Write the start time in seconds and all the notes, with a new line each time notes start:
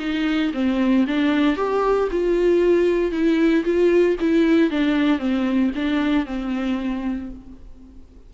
0.00 D#4
0.54 C4
1.07 D4
1.57 G4
2.11 F4
3.12 E4
3.65 F4
4.20 E4
4.71 D4
5.19 C4
5.75 D4
6.26 C4